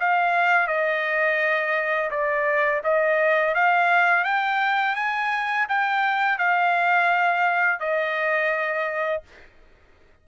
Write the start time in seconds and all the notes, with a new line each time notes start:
0.00 F5
0.68 D#5
2.10 D5
2.84 D#5
3.55 F5
4.24 G5
4.95 G#5
5.69 G5
6.38 F5
7.80 D#5